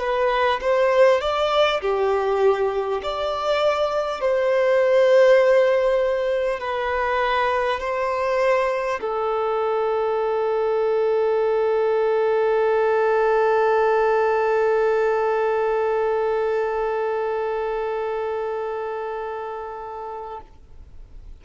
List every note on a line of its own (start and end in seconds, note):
0.00 0.60 B4
0.61 1.21 C5
1.21 1.81 D5
1.82 3.02 G4
3.03 4.21 D5
4.21 6.61 C5
6.61 7.80 B4
7.80 9.00 C5
9.01 20.41 A4